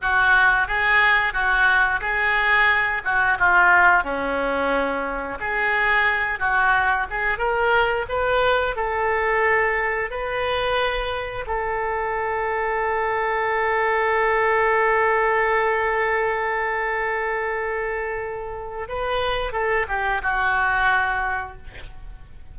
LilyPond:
\new Staff \with { instrumentName = "oboe" } { \time 4/4 \tempo 4 = 89 fis'4 gis'4 fis'4 gis'4~ | gis'8 fis'8 f'4 cis'2 | gis'4. fis'4 gis'8 ais'4 | b'4 a'2 b'4~ |
b'4 a'2.~ | a'1~ | a'1 | b'4 a'8 g'8 fis'2 | }